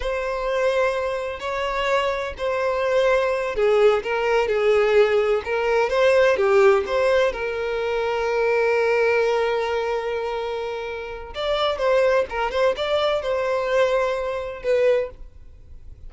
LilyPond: \new Staff \with { instrumentName = "violin" } { \time 4/4 \tempo 4 = 127 c''2. cis''4~ | cis''4 c''2~ c''8 gis'8~ | gis'8 ais'4 gis'2 ais'8~ | ais'8 c''4 g'4 c''4 ais'8~ |
ais'1~ | ais'1 | d''4 c''4 ais'8 c''8 d''4 | c''2. b'4 | }